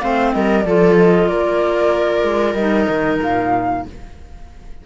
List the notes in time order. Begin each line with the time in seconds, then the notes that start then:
0.00 A3 C4 C5 F5
0.32 G3 A#4 D#5
0.62 F3 F4 A4 D5
0.97 D#5
1.28 A#3 A#4 D5
2.23 G#3
2.53 G3 D#4 D#5
2.89 D#3
3.22 A#2 F5